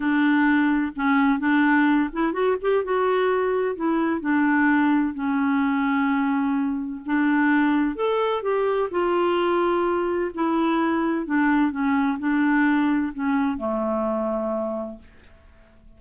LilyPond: \new Staff \with { instrumentName = "clarinet" } { \time 4/4 \tempo 4 = 128 d'2 cis'4 d'4~ | d'8 e'8 fis'8 g'8 fis'2 | e'4 d'2 cis'4~ | cis'2. d'4~ |
d'4 a'4 g'4 f'4~ | f'2 e'2 | d'4 cis'4 d'2 | cis'4 a2. | }